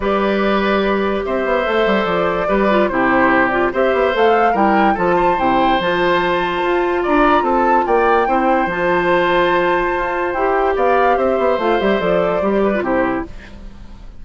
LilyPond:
<<
  \new Staff \with { instrumentName = "flute" } { \time 4/4 \tempo 4 = 145 d''2. e''4~ | e''4 d''2 c''4~ | c''8 d''8 e''4 f''4 g''4 | a''4 g''4 a''2~ |
a''4 ais''4 a''4 g''4~ | g''4 a''2.~ | a''4 g''4 f''4 e''4 | f''8 e''8 d''2 c''4 | }
  \new Staff \with { instrumentName = "oboe" } { \time 4/4 b'2. c''4~ | c''2 b'4 g'4~ | g'4 c''2 ais'4 | a'8 c''2.~ c''8~ |
c''4 d''4 a'4 d''4 | c''1~ | c''2 d''4 c''4~ | c''2~ c''8 b'8 g'4 | }
  \new Staff \with { instrumentName = "clarinet" } { \time 4/4 g'1 | a'2 g'8 f'8 e'4~ | e'8 f'8 g'4 a'4 e'4 | f'4 e'4 f'2~ |
f'1 | e'4 f'2.~ | f'4 g'2. | f'8 g'8 a'4 g'8. f'16 e'4 | }
  \new Staff \with { instrumentName = "bassoon" } { \time 4/4 g2. c'8 b8 | a8 g8 f4 g4 c4~ | c4 c'8 b8 a4 g4 | f4 c4 f2 |
f'4 d'4 c'4 ais4 | c'4 f2. | f'4 e'4 b4 c'8 b8 | a8 g8 f4 g4 c4 | }
>>